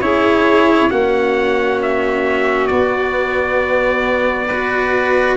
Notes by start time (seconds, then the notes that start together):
0.00 C#4 E4 G#4 C#5
0.90 A#3 C#4 F#4 F#5
1.82 E5
2.67 B3 D5
4.47 F#4 B4